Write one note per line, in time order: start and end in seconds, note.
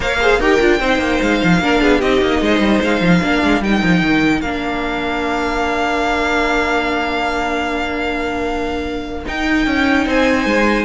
0.00 0.39 A#3
0.00 0.20 A#4
0.00 0.18 C#5
0.00 0.41 F5
0.20 0.40 G#4
0.20 0.39 C5
0.39 0.59 D#4
0.39 0.60 G4
0.39 0.79 A#4
0.39 1.21 G5
0.60 0.79 D4
0.60 0.80 F4
0.79 0.98 C4
0.79 1.61 D#4
0.79 1.61 C5
0.98 1.19 A#3
1.21 1.41 G#3
1.21 2.00 F5
1.43 1.59 F3
1.59 1.79 A#3
1.59 2.02 D4
1.59 1.81 A#4
1.81 2.01 B3
1.81 1.98 G#4
1.98 2.21 C4
1.98 3.22 D#4
1.98 2.39 G4
1.98 2.81 D#5
2.21 2.41 A#3
2.41 2.59 G#3
2.41 3.22 C5
2.59 2.79 G3
2.81 3.01 G#3
2.81 3.63 F5
3.01 3.21 F3
3.22 3.43 A#3
3.22 3.62 D4
3.22 10.07 A#4
3.43 3.61 G#3
3.61 3.81 G3
3.61 4.43 D#4
3.61 4.41 G5
3.83 4.01 F3
4.01 4.41 D#3
4.41 9.24 A#3
4.41 9.25 D4
4.41 9.24 F5
9.25 10.85 D#4
9.25 9.66 D#4
9.25 10.08 G5
9.66 10.06 C#4
10.06 10.45 C4
10.06 10.85 C5
10.06 10.85 G#5
10.45 10.85 G#3